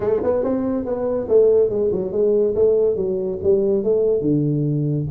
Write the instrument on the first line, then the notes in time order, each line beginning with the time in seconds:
tuba
0.00 A3
0.23 B3
0.43 C4
0.85 B3
1.28 A3
1.69 G#3
1.91 F#3
2.12 G#3
2.55 A3
2.96 F#3
3.43 G3
3.83 A3
4.21 D3